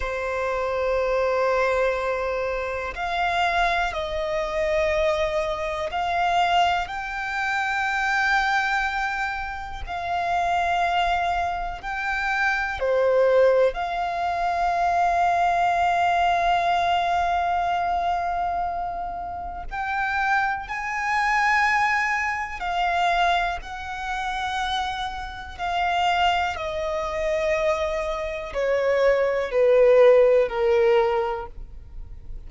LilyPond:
\new Staff \with { instrumentName = "violin" } { \time 4/4 \tempo 4 = 61 c''2. f''4 | dis''2 f''4 g''4~ | g''2 f''2 | g''4 c''4 f''2~ |
f''1 | g''4 gis''2 f''4 | fis''2 f''4 dis''4~ | dis''4 cis''4 b'4 ais'4 | }